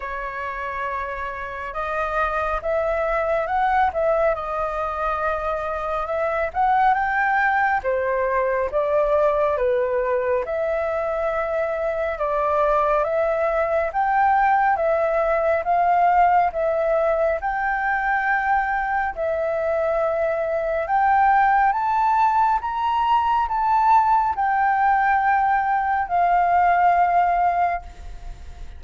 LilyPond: \new Staff \with { instrumentName = "flute" } { \time 4/4 \tempo 4 = 69 cis''2 dis''4 e''4 | fis''8 e''8 dis''2 e''8 fis''8 | g''4 c''4 d''4 b'4 | e''2 d''4 e''4 |
g''4 e''4 f''4 e''4 | g''2 e''2 | g''4 a''4 ais''4 a''4 | g''2 f''2 | }